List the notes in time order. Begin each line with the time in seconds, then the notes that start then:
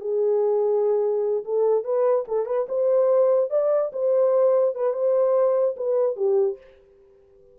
0.00 G#4
1.44 A4
1.84 B4
2.28 A4
2.46 B4
2.68 C5
3.50 D5
3.93 C5
4.75 B4
4.93 C5
5.76 B4
6.16 G4